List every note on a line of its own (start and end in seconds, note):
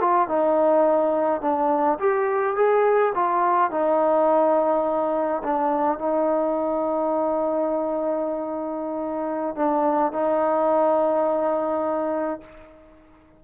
0.00 0.28 F4
0.28 1.41 D#4
1.41 1.98 D4
1.99 2.56 G4
2.56 3.13 G#4
3.14 3.71 F4
3.71 5.42 D#4
5.43 5.98 D4
5.98 9.55 D#4
9.55 10.12 D4
10.12 12.41 D#4